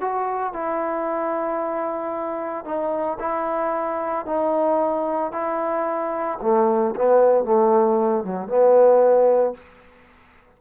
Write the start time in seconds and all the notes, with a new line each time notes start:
0.00 F#4
0.53 E4
2.65 D#4
3.20 E4
4.26 D#4
5.32 E4
6.41 A3
6.95 B3
7.44 A3
8.24 F#3
8.48 B3